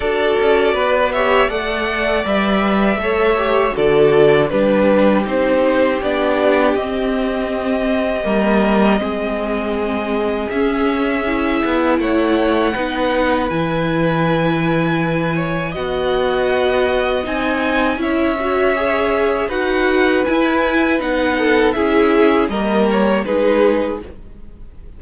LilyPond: <<
  \new Staff \with { instrumentName = "violin" } { \time 4/4 \tempo 4 = 80 d''4. e''8 fis''4 e''4~ | e''4 d''4 b'4 c''4 | d''4 dis''2.~ | dis''2 e''2 |
fis''2 gis''2~ | gis''4 fis''2 gis''4 | e''2 fis''4 gis''4 | fis''4 e''4 dis''8 cis''8 b'4 | }
  \new Staff \with { instrumentName = "violin" } { \time 4/4 a'4 b'8 cis''8 d''2 | cis''4 a'4 g'2~ | g'2. ais'4 | gis'1 |
cis''4 b'2.~ | b'8 cis''8 dis''2. | cis''2 b'2~ | b'8 a'8 gis'4 ais'4 gis'4 | }
  \new Staff \with { instrumentName = "viola" } { \time 4/4 fis'4. g'8 a'4 b'4 | a'8 g'8 fis'4 d'4 dis'4 | d'4 c'2 ais4 | c'2 cis'4 e'4~ |
e'4 dis'4 e'2~ | e'4 fis'2 dis'4 | e'8 fis'8 gis'4 fis'4 e'4 | dis'4 e'4 ais4 dis'4 | }
  \new Staff \with { instrumentName = "cello" } { \time 4/4 d'8 cis'8 b4 a4 g4 | a4 d4 g4 c'4 | b4 c'2 g4 | gis2 cis'4. b8 |
a4 b4 e2~ | e4 b2 c'4 | cis'2 dis'4 e'4 | b4 cis'4 g4 gis4 | }
>>